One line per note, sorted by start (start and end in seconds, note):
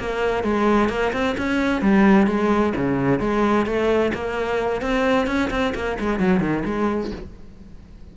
0.00 0.44 A#3
0.44 0.89 G#3
0.89 1.12 A#3
1.13 1.36 C4
1.38 1.82 C#4
1.82 2.27 G3
2.27 2.73 G#3
2.76 3.20 C#3
3.20 3.66 G#3
3.66 4.12 A3
4.14 4.82 A#3
4.82 5.27 C4
5.27 5.50 C#4
5.51 5.74 C4
5.75 5.98 A#3
6.00 6.20 G#3
6.20 6.40 F#3
6.40 6.63 D#3
6.65 7.11 G#3